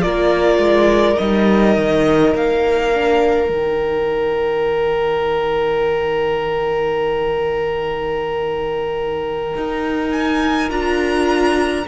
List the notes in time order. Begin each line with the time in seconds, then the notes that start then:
0.00 A#3 F4 A#4 D5
0.58 G#3
1.17 G3 D#4 D#5
1.77 D#3
2.35 A#3 F5
2.94 D4
3.49 D#3 D#4 G5
9.57 D#4
10.12 G#5
10.69 D4 F4 A#5